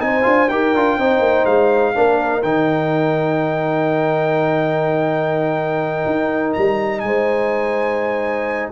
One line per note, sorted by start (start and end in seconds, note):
0.00 0.26 C4
0.00 0.23 D#4
0.00 0.52 C5
0.00 0.49 G#5
0.23 0.50 D4
0.23 0.47 F4
0.49 0.74 D#4
0.49 0.76 G4
0.49 0.97 A#4
0.49 1.46 G5
0.74 0.98 D4
0.74 1.00 F4
0.97 1.20 C4
0.97 1.95 D#4
0.97 1.94 C5
1.20 1.44 A#3
1.46 1.95 G#3
1.46 2.43 F5
1.95 2.43 A#3
1.95 2.43 D4
1.95 7.04 A#4
2.43 6.06 D#3
2.43 8.72 D#4
2.43 6.54 G5
6.06 6.55 D#4
6.54 7.03 G3
6.54 7.00 A#5
7.00 8.72 G#3
7.00 8.70 G#5
7.06 8.72 C5